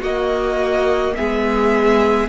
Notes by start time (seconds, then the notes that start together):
0.00 A#3 F#4 D#5
1.15 G#3 B3 G#4 E5